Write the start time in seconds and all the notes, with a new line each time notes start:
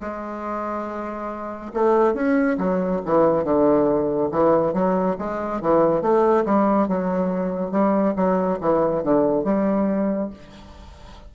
0.00 G#3
1.73 A3
2.14 C#4
2.58 F#3
3.05 E3
3.44 D3
4.31 E3
4.73 F#3
5.18 G#3
5.61 E3
6.01 A3
6.45 G3
6.88 F#3
7.71 G3
8.15 F#3
8.60 E3
9.03 D3
9.44 G3